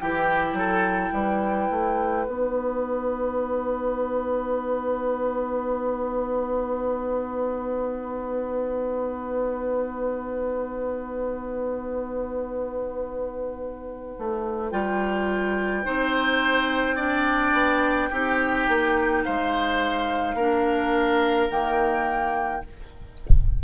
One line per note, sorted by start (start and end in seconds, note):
0.00 0.53 E3
0.00 2.27 E4
0.00 0.58 G4
0.00 2.26 G5
0.53 1.10 F#3
0.53 1.14 A4
1.13 1.69 G3
1.13 15.85 B4
1.70 2.26 A3
2.26 14.16 B3
2.26 14.71 D#4
2.26 14.71 F#5
14.19 14.72 A3
14.71 15.85 G3
14.71 15.84 F4
14.71 19.24 G5
15.84 17.53 C4
15.84 16.97 D#4
15.84 16.96 C5
16.96 18.10 D4
16.96 18.09 D5
17.53 18.10 B3
18.10 18.68 C4
18.10 20.38 D#4
18.10 19.24 G4
18.68 19.25 A#3
19.24 20.35 G#3
19.24 20.36 C5
19.24 21.50 F5
20.35 21.48 A#3
20.35 21.50 D4
20.35 22.62 A#4
21.50 22.64 D#3
21.50 22.63 A#3
21.50 22.63 G5